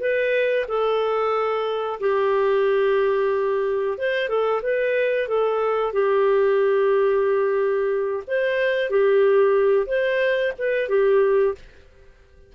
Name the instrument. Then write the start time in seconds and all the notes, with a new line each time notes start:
clarinet
0.00 B4
0.68 A4
2.00 G4
3.98 C5
4.29 A4
4.63 B4
5.28 A4
5.93 G4
8.28 C5
8.91 G4
9.87 C5
10.58 B4
10.89 G4